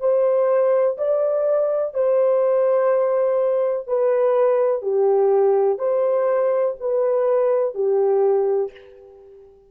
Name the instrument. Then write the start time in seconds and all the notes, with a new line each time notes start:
horn
0.00 C5
0.98 D5
1.94 C5
3.87 B4
4.82 G4
5.78 C5
6.80 B4
7.74 G4